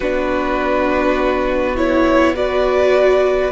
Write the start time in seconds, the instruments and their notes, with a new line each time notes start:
0.00 cello B3, viola D4, violin F#4 B4
1.75 viola E4, violin C#5
2.34 viola F#4, violin B4 D5